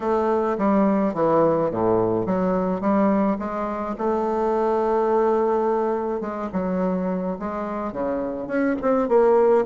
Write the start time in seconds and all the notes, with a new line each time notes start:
0.00 A3
0.58 G3
1.14 E3
1.70 A2
2.26 F#3
2.80 G3
3.38 G#3
3.98 A3
6.21 G#3
6.52 F#3
7.39 G#3
7.92 C#3
8.47 C#4
8.81 C4
9.08 A#3